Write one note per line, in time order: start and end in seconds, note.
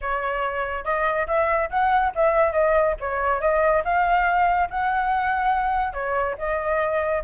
0.01 0.84 C#5
0.84 1.26 D#5
1.27 1.69 E5
1.70 2.12 F#5
2.15 2.52 E5
2.52 2.95 D#5
3.00 3.40 C#5
3.40 3.83 D#5
3.84 4.69 F5
4.70 5.93 F#5
5.93 6.35 C#5
6.38 7.23 D#5